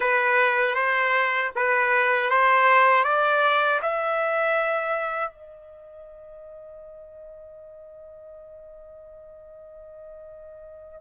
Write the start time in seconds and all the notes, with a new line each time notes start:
0.00 B4
0.75 C5
1.55 B4
2.30 C5
3.03 D5
3.82 E5
5.31 D#5